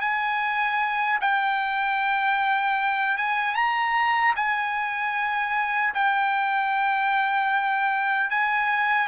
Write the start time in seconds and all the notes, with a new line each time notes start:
0.00 G#5
1.21 G5
3.17 G#5
3.55 A#5
4.35 G#5
5.94 G5
8.30 G#5